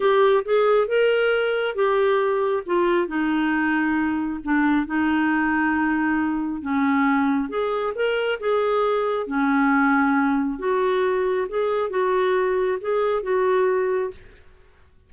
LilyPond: \new Staff \with { instrumentName = "clarinet" } { \time 4/4 \tempo 4 = 136 g'4 gis'4 ais'2 | g'2 f'4 dis'4~ | dis'2 d'4 dis'4~ | dis'2. cis'4~ |
cis'4 gis'4 ais'4 gis'4~ | gis'4 cis'2. | fis'2 gis'4 fis'4~ | fis'4 gis'4 fis'2 | }